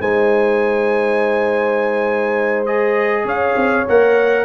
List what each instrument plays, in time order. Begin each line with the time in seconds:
0.00 tuba G#3, trombone D#4, horn C5, trumpet G#5
2.66 trombone G#4, trumpet D#5
3.25 tuba C#4, horn C#5, trumpet F5
3.56 tuba C4
3.89 tuba A#3, trombone A#4, trumpet F#5